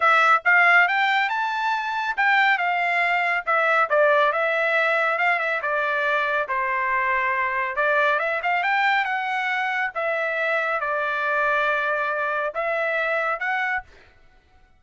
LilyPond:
\new Staff \with { instrumentName = "trumpet" } { \time 4/4 \tempo 4 = 139 e''4 f''4 g''4 a''4~ | a''4 g''4 f''2 | e''4 d''4 e''2 | f''8 e''8 d''2 c''4~ |
c''2 d''4 e''8 f''8 | g''4 fis''2 e''4~ | e''4 d''2.~ | d''4 e''2 fis''4 | }